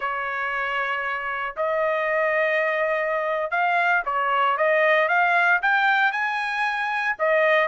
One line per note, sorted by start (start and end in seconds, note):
0.00 1.55 C#5
1.56 3.51 D#5
3.51 4.03 F5
4.05 4.57 C#5
4.57 5.08 D#5
5.08 5.60 F5
5.62 6.12 G5
6.12 7.16 G#5
7.18 7.68 D#5